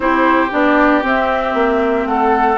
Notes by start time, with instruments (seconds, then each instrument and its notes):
0.00 bassoon C4, clarinet E4, oboe G4, flute C5
0.50 bassoon B3, clarinet D4, flute D5
1.02 clarinet C4, bassoon C4, flute E5
1.54 bassoon A#3
2.05 bassoon A3, oboe A4, flute F#5